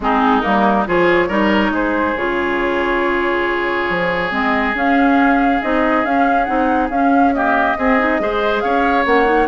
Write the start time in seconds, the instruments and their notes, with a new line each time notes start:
0.00 bassoon G#3, clarinet C4, oboe D#4, flute G#4
0.40 bassoon G3, clarinet A#3, flute A#4
0.86 bassoon F3, clarinet F4, oboe G#4, flute C#5
1.28 bassoon G3, clarinet D#4, oboe A#4
1.70 bassoon G#3, oboe G#4, flute C5
2.16 bassoon C#3, clarinet F4, flute C#5
3.89 bassoon F3
4.30 bassoon G#3, clarinet C4, flute D#5
4.74 bassoon C#4, clarinet C#4, flute F5
5.62 bassoon C4, clarinet D#4, flute D#5
6.04 bassoon C#4, clarinet C#4, flute F5
6.44 bassoon C4, clarinet D#4, flute F#5
6.89 bassoon C#4, clarinet C#4, flute F5
7.33 clarinet A#3, oboe G4, flute D#5
7.77 bassoon C4, clarinet C4, oboe G#4
7.98 clarinet D#4
8.19 bassoon G#3, clarinet G#4, oboe C5
8.61 bassoon C#4, oboe C#5, flute F5
9.05 bassoon A#3, clarinet C#4, flute F#5
9.24 clarinet D#4